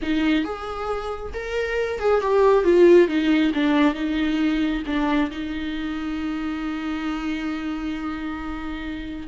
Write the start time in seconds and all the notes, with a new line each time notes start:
0.02 D#4
0.44 G#4
1.33 A#4
1.99 G#4
2.21 G4
2.64 F4
3.08 D#4
3.53 D4
3.94 D#4
4.86 D4
5.31 D#4